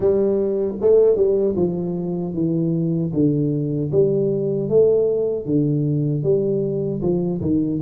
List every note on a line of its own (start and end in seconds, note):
0.00 0.74 G3
0.81 1.16 A3
1.16 1.55 G3
1.56 2.34 F3
2.34 3.12 E3
3.13 3.91 D3
3.91 4.69 G3
4.69 5.45 A3
5.45 6.23 D3
6.23 7.01 G3
7.01 7.40 F3
7.41 7.80 D#3